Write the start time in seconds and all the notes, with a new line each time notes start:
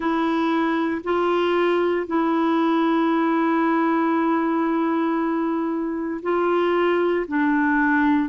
0.00 E4
1.03 F4
2.06 E4
6.22 F4
7.27 D4